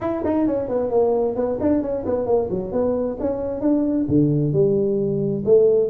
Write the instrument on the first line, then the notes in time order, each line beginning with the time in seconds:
tuba
0.01 E4
0.24 D#4
0.46 C#4
0.68 B3
0.90 A#3
1.35 B3
1.60 D4
1.82 C#4
2.05 B3
2.26 A#3
2.50 F#3
2.71 B3
3.20 C#4
3.60 D4
4.08 D3
4.52 G3
5.45 A3